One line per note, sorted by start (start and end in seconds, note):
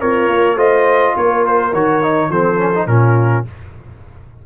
0.00 0.27 C4
0.00 0.56 F4
0.00 0.57 A#4
0.00 0.58 C#5
0.27 0.56 A#3
0.56 1.14 A3
0.56 1.72 F4
0.56 1.14 C5
0.56 1.16 D#5
1.16 1.72 A#3
1.16 2.30 A#4
1.16 1.46 C#5
1.46 1.73 C5
1.72 2.30 D#3
1.72 2.02 F#4
1.72 2.31 C#5
2.02 2.31 D#4
2.30 2.86 F3
2.30 2.58 C4
2.30 2.88 A4
2.30 2.87 C5
2.58 2.72 C#4
2.75 2.88 D#4
2.86 3.44 A#2
2.86 3.45 C#4
2.86 3.46 F4
2.86 3.45 A#4